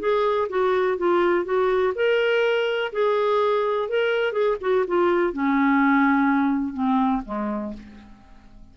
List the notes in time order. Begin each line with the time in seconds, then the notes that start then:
0.00 G#4
0.50 F#4
0.98 F4
1.45 F#4
1.96 A#4
2.93 G#4
3.90 A#4
4.33 G#4
4.61 F#4
4.88 F4
5.33 C#4
6.74 C4
7.26 G#3